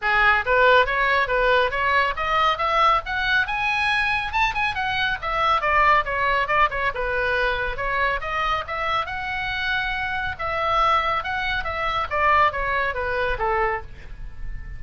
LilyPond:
\new Staff \with { instrumentName = "oboe" } { \time 4/4 \tempo 4 = 139 gis'4 b'4 cis''4 b'4 | cis''4 dis''4 e''4 fis''4 | gis''2 a''8 gis''8 fis''4 | e''4 d''4 cis''4 d''8 cis''8 |
b'2 cis''4 dis''4 | e''4 fis''2. | e''2 fis''4 e''4 | d''4 cis''4 b'4 a'4 | }